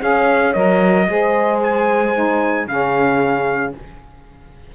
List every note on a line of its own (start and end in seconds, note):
0.00 0.55 C#4
0.00 0.53 G#4
0.00 1.07 C#5
0.00 0.53 F5
0.53 1.08 F#3
0.53 1.07 A#4
0.53 1.59 D#5
1.07 2.66 G#3
1.07 2.13 G#4
1.07 2.69 C5
1.62 2.67 G#5
2.14 2.67 D#4
2.66 3.72 C#3
2.66 3.75 C#4
2.66 3.75 G#4
2.66 3.73 F5